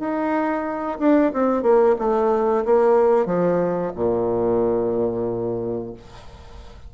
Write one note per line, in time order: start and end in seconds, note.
0.00 0.99 D#4
1.00 1.32 D4
1.33 1.63 C4
1.63 1.96 A#3
1.99 2.65 A3
2.65 3.26 A#3
3.26 3.92 F3
3.96 5.94 A#2